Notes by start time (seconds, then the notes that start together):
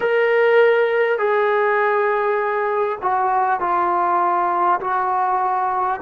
0.00 A#4
1.18 G#4
3.02 F#4
3.59 F4
4.80 F#4